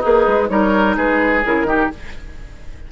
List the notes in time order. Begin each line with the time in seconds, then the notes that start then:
0.00 A#3 D#4 G#4 B4
0.27 G#3
0.48 G3 D#4 A#4 C#5
0.97 G#3 G#4 B4
1.45 C#3 E4 A#4
1.64 D#3 D#4 G4